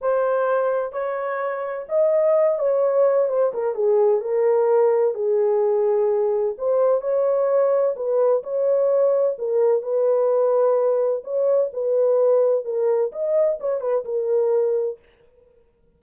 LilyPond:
\new Staff \with { instrumentName = "horn" } { \time 4/4 \tempo 4 = 128 c''2 cis''2 | dis''4. cis''4. c''8 ais'8 | gis'4 ais'2 gis'4~ | gis'2 c''4 cis''4~ |
cis''4 b'4 cis''2 | ais'4 b'2. | cis''4 b'2 ais'4 | dis''4 cis''8 b'8 ais'2 | }